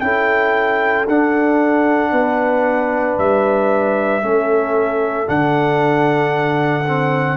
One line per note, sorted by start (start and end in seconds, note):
0.00 1.07 C#4
0.00 1.06 E4
0.00 2.11 A4
0.00 1.05 G5
1.07 2.12 D4
1.07 4.22 D4
1.07 3.18 F#5
2.11 3.17 B3
2.11 4.22 B4
3.18 4.22 G3
3.18 5.29 E5
4.22 5.27 A3
4.22 5.26 C#4
4.22 7.37 A4
5.26 7.37 D3
5.26 6.84 D4
5.26 7.37 F#5
6.87 7.37 C4